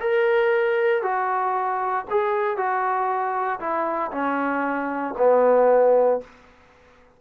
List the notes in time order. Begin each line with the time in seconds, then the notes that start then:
0.00 A#4
1.02 F#4
2.10 G#4
2.57 F#4
3.60 E4
4.11 C#4
5.17 B3